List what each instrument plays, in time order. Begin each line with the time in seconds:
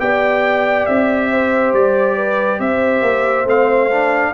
0.00 tuba B3, trombone G4, horn D5, trumpet G5
0.86 tuba C4, trumpet E5
1.31 horn C5
1.73 tuba G3, trumpet D5
2.16 horn B4
2.59 tuba C4, horn C5, trumpet E5
3.02 tuba A#3
3.45 tuba A3, trombone C4, trumpet F5
3.91 trombone D4